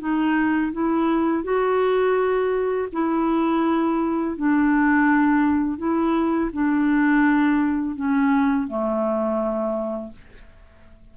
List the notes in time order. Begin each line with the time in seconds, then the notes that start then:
0.00 D#4
0.73 E4
1.44 F#4
2.93 E4
4.37 D4
5.78 E4
6.53 D4
7.96 C#4
8.68 A3